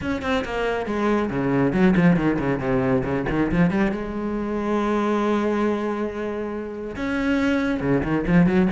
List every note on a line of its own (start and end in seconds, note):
0.01 0.22 C#4
0.22 0.43 C4
0.44 0.86 A#3
0.86 1.29 G#3
1.29 1.72 C#3
1.72 1.94 F#3
1.96 2.16 F3
2.16 2.38 D#3
2.39 2.59 C#3
2.59 3.03 C3
3.04 3.25 C#3
3.29 3.51 D#3
3.51 3.70 F3
3.70 3.91 G3
3.91 6.95 G#3
6.96 7.80 C#4
7.80 8.02 C#3
8.03 8.25 D#3
8.27 8.46 F3
8.46 8.68 F#3